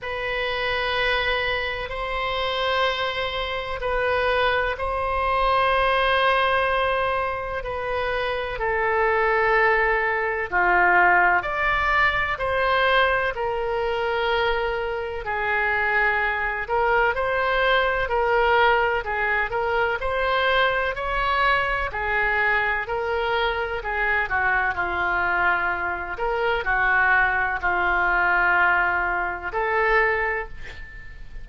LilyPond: \new Staff \with { instrumentName = "oboe" } { \time 4/4 \tempo 4 = 63 b'2 c''2 | b'4 c''2. | b'4 a'2 f'4 | d''4 c''4 ais'2 |
gis'4. ais'8 c''4 ais'4 | gis'8 ais'8 c''4 cis''4 gis'4 | ais'4 gis'8 fis'8 f'4. ais'8 | fis'4 f'2 a'4 | }